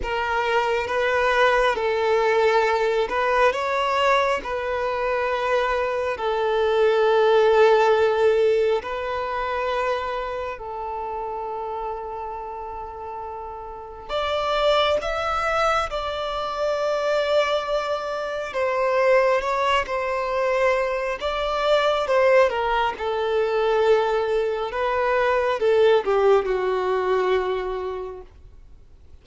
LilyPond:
\new Staff \with { instrumentName = "violin" } { \time 4/4 \tempo 4 = 68 ais'4 b'4 a'4. b'8 | cis''4 b'2 a'4~ | a'2 b'2 | a'1 |
d''4 e''4 d''2~ | d''4 c''4 cis''8 c''4. | d''4 c''8 ais'8 a'2 | b'4 a'8 g'8 fis'2 | }